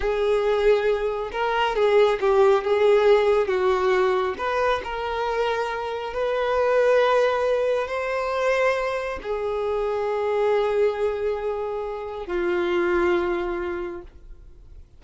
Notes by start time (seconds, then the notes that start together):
0.00 G#4
1.31 A#4
1.75 G#4
2.20 G4
2.64 G#4
3.47 F#4
4.38 B4
4.84 A#4
6.13 B4
7.87 C5
9.22 G#4
12.26 F4